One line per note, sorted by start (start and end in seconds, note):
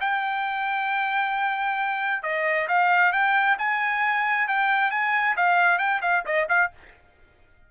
0.00 2.22 G5
2.22 2.67 D#5
2.68 3.12 F5
3.12 3.57 G5
3.58 4.48 G#5
4.48 4.91 G5
4.91 5.35 G#5
5.36 5.78 F5
5.78 6.01 G5
6.01 6.24 F5
6.25 6.48 D#5
6.49 6.71 F5